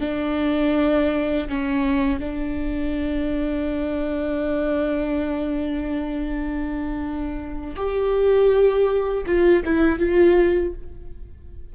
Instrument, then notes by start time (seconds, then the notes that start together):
viola
0.00 D4
1.49 C#4
2.20 D4
7.76 G4
9.26 F4
9.65 E4
9.99 F4